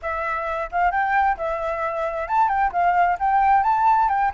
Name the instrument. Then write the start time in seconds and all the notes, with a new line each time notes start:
flute
0.01 E5
0.71 F5
0.91 G5
1.37 E5
2.28 A5
2.48 G5
2.72 F5
3.19 G5
3.63 A5
4.08 G5